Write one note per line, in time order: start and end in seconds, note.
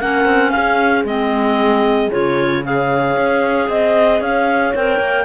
0.00 0.25 A#3
0.00 1.07 C#4
0.00 0.53 A#4
0.00 0.51 F#5
0.25 0.52 C4
0.51 1.04 C#4
0.51 2.64 G#4
0.51 1.04 F5
1.04 2.10 G#3
1.04 2.11 C4
1.04 2.12 D#5
2.11 3.17 C#3
2.11 2.63 F4
2.11 2.65 C#5
2.64 4.75 G#4
2.64 3.69 C#5
2.64 3.71 F5
3.17 3.69 C#4
3.69 4.21 C4
3.69 4.21 D#5
3.69 4.22 D#5
4.21 4.73 C#4
4.21 5.25 C#5
4.21 4.75 F5
4.75 5.00 C4
4.75 5.25 A#4
4.75 5.25 G5
5.00 5.25 A#3